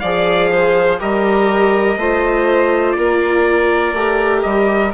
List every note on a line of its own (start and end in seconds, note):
0.00 1.01 F3
0.00 0.99 G#4
0.00 0.50 D5
0.00 0.98 F5
0.52 1.00 C5
0.99 1.97 G3
0.99 1.97 G4
0.99 1.98 A#4
0.99 2.92 D#5
1.97 2.96 A3
1.97 3.94 F4
1.97 2.97 C5
2.92 3.94 A#3
2.92 4.40 D5
2.99 4.94 A#4
3.94 4.43 A3
3.94 4.93 G4
4.43 4.94 G3
4.43 4.92 D#5